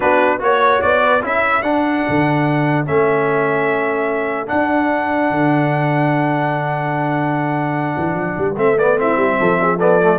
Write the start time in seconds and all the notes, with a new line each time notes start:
0.00 B3 D4 F#4 B4
0.39 A#3 F#4 C#5
0.81 B3 D5
1.04 B4
1.21 C#4 E4 A4 E5
1.62 D4 F#5
2.08 D3
2.85 A3 C#4 E5
4.47 D4 F#5
5.30 D3
7.97 E3
8.14 F3
8.38 G3
8.56 A3 C4 E5
8.78 B3 D5
8.97 C4 E4 E5
9.16 G3
9.39 F3 A4
9.61 G#4
9.77 B3 A4 D5
10.01 A3